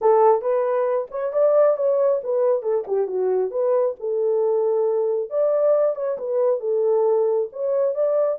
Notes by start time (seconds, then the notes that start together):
0.01 A4
0.41 B4
1.10 C#5
1.32 D5
1.76 C#5
2.23 B4
2.62 A4
2.87 G4
3.07 F#4
3.51 B4
3.99 A4
5.30 D5
5.95 C#5
6.18 B4
6.60 A4
7.52 C#5
7.94 D5